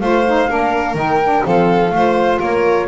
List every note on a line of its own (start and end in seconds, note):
0.00 0.49 A3
0.00 0.25 F4
0.00 0.49 C5
0.00 0.96 F5
0.26 0.49 D#4
0.49 0.95 A#3
0.49 0.95 D4
0.49 1.45 A#4
0.95 1.43 D#3
0.95 1.19 D#4
0.95 1.45 G5
1.23 1.43 D4
1.43 1.91 F3
1.43 1.91 C4
1.43 1.94 A4
1.43 2.42 F5
1.91 2.39 A3
1.91 2.88 F4
1.91 2.39 C5
2.39 2.88 A#3
2.39 2.87 A#4
2.39 2.88 C#5